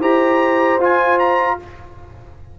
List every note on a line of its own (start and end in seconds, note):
0.00 0.78 E4
0.00 0.79 G4
0.00 1.58 C5
0.00 0.80 A#5
0.78 1.57 F4
0.78 1.59 F4
0.78 1.19 G#5
1.19 1.58 A#5